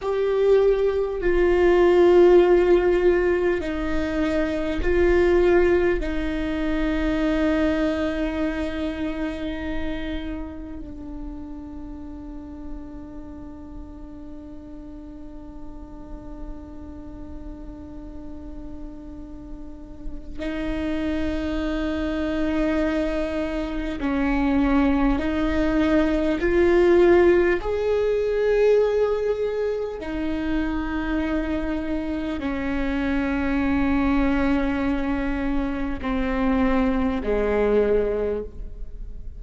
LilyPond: \new Staff \with { instrumentName = "viola" } { \time 4/4 \tempo 4 = 50 g'4 f'2 dis'4 | f'4 dis'2.~ | dis'4 d'2.~ | d'1~ |
d'4 dis'2. | cis'4 dis'4 f'4 gis'4~ | gis'4 dis'2 cis'4~ | cis'2 c'4 gis4 | }